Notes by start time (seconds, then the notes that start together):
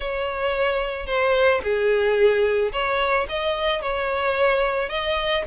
0.00 C#5
1.06 C5
1.63 G#4
2.72 C#5
3.29 D#5
3.81 C#5
4.89 D#5